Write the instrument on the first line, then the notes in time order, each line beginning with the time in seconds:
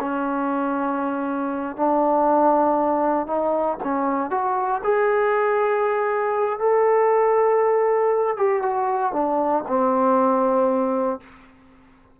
trombone
0.00 C#4
1.76 D4
3.27 D#4
3.83 C#4
4.31 F#4
4.84 G#4
6.59 A4
8.37 G4
8.62 F#4
9.13 D4
9.67 C4